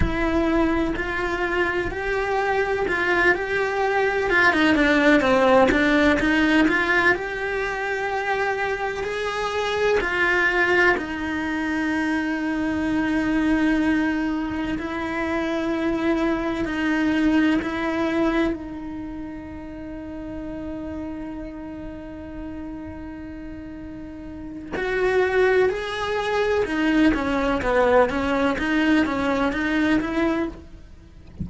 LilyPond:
\new Staff \with { instrumentName = "cello" } { \time 4/4 \tempo 4 = 63 e'4 f'4 g'4 f'8 g'8~ | g'8 f'16 dis'16 d'8 c'8 d'8 dis'8 f'8 g'8~ | g'4. gis'4 f'4 dis'8~ | dis'2.~ dis'8 e'8~ |
e'4. dis'4 e'4 dis'8~ | dis'1~ | dis'2 fis'4 gis'4 | dis'8 cis'8 b8 cis'8 dis'8 cis'8 dis'8 e'8 | }